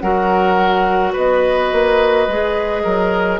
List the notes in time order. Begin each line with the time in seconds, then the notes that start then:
0.00 F#3 F#4 A#4 F#5
1.13 B3 B4 D#5
1.72 A#3
2.28 G#3 G#4
2.84 F#3 A#4